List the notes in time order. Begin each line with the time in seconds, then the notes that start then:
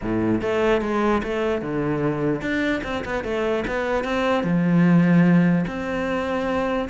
0.01 A2
0.41 A3
0.81 G#3
1.23 A3
1.61 D3
2.41 D4
2.83 C4
3.04 B3
3.24 A3
3.67 B3
4.04 C4
4.43 F3
5.67 C4